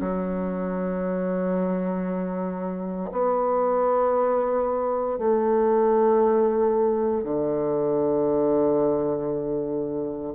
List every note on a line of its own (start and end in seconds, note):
0.00 3.10 F#3
3.12 5.18 B3
5.18 7.23 A3
7.23 10.34 D3